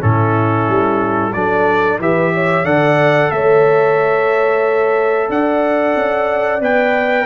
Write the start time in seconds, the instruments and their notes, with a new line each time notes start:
0.00 tuba A2, trombone C#4, horn E4, trumpet A4
0.69 tuba G3
1.34 tuba F#3, trombone D4, horn A4, trumpet D5
1.99 tuba E3, trombone G4, horn B4, trumpet E5
2.34 horn C#5
2.65 tuba D3, trombone A4, horn D5, trumpet F#5
3.31 tuba A3, horn C#5, trumpet E5
5.29 tuba D4, horn D5, trumpet F#5
5.96 tuba C#4
6.61 tuba B3, trombone B4, trumpet G5